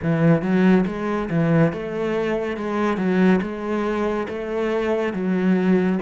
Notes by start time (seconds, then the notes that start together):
0.02 E3
0.41 F#3
0.86 G#3
1.29 E3
1.72 A3
2.56 G#3
2.97 F#3
3.41 G#3
4.28 A3
5.13 F#3